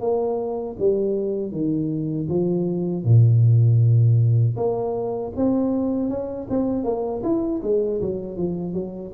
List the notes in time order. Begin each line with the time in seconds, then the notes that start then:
0.00 A#3
0.78 G3
1.52 D#3
2.29 F3
3.04 A#2
4.56 A#3
5.36 C4
6.09 C#4
6.49 C4
6.84 A#3
7.23 E4
7.63 G#3
8.01 F#3
8.37 F3
8.73 F#3